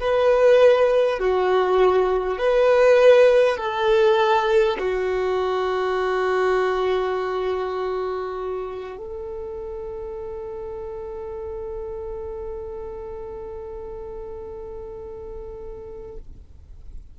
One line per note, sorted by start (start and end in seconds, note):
0.00 1.19 B4
1.19 2.38 F#4
2.38 3.57 B4
3.57 4.77 A4
4.78 8.98 F#4
8.98 16.18 A4